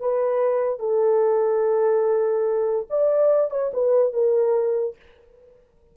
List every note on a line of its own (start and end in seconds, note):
0.00 0.80 B4
0.80 2.87 A4
2.90 3.51 D5
3.51 3.72 C#5
3.74 4.13 B4
4.13 4.96 A#4